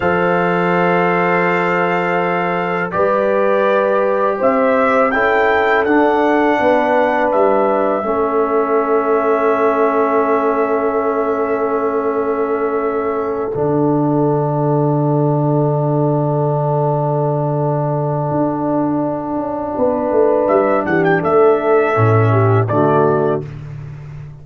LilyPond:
<<
  \new Staff \with { instrumentName = "trumpet" } { \time 4/4 \tempo 4 = 82 f''1 | d''2 e''4 g''4 | fis''2 e''2~ | e''1~ |
e''2~ e''8 fis''4.~ | fis''1~ | fis''1 | e''8 fis''16 g''16 e''2 d''4 | }
  \new Staff \with { instrumentName = "horn" } { \time 4/4 c''1 | b'2 c''4 a'4~ | a'4 b'2 a'4~ | a'1~ |
a'1~ | a'1~ | a'2. b'4~ | b'8 g'8 a'4. g'8 fis'4 | }
  \new Staff \with { instrumentName = "trombone" } { \time 4/4 a'1 | g'2. e'4 | d'2. cis'4~ | cis'1~ |
cis'2~ cis'8 d'4.~ | d'1~ | d'1~ | d'2 cis'4 a4 | }
  \new Staff \with { instrumentName = "tuba" } { \time 4/4 f1 | g2 c'4 cis'4 | d'4 b4 g4 a4~ | a1~ |
a2~ a8 d4.~ | d1~ | d4 d'4. cis'8 b8 a8 | g8 e8 a4 a,4 d4 | }
>>